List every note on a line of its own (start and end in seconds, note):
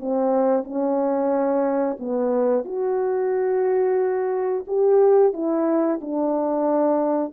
0.00 0.64 C4
0.64 1.97 C#4
1.99 2.65 B3
2.65 4.65 F#4
4.67 5.33 G4
5.33 6.00 E4
6.01 7.33 D4